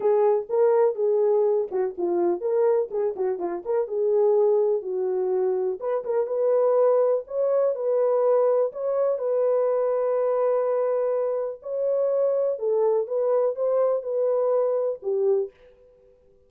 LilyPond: \new Staff \with { instrumentName = "horn" } { \time 4/4 \tempo 4 = 124 gis'4 ais'4 gis'4. fis'8 | f'4 ais'4 gis'8 fis'8 f'8 ais'8 | gis'2 fis'2 | b'8 ais'8 b'2 cis''4 |
b'2 cis''4 b'4~ | b'1 | cis''2 a'4 b'4 | c''4 b'2 g'4 | }